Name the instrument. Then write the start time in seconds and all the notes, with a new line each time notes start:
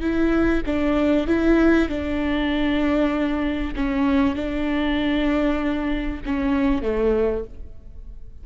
viola
0.00 E4
0.66 D4
1.27 E4
1.88 D4
3.75 C#4
4.35 D4
6.25 C#4
6.82 A3